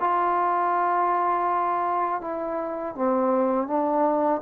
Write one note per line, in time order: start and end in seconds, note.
0.00 2.21 F4
2.21 2.95 E4
2.95 3.67 C4
3.67 4.41 D4